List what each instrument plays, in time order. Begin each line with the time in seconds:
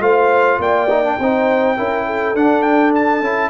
0.00 tuba A3, trombone F4, horn C5, trumpet F5
0.58 tuba A#3, horn D5, trumpet G5
0.90 trombone D#4
1.04 trombone D4
1.19 tuba C4, trombone D#4, horn C5
1.76 tuba C#4, trombone E4, horn A#4
2.06 horn A4
2.34 tuba D4, trombone D4, trumpet F#5
2.62 trumpet G5
2.95 trumpet A5
3.21 tuba C#4, trombone E4